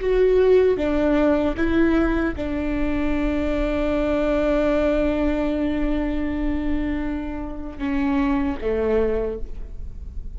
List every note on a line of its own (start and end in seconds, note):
0.00 0.77 F#4
0.77 1.55 D4
1.57 2.35 E4
2.36 7.79 D4
7.79 8.56 C#4
8.61 9.39 A3